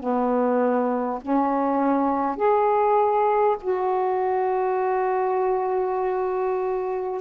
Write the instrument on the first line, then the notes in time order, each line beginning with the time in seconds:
saxophone
0.00 B3
1.22 C#4
2.36 G#4
3.61 F#4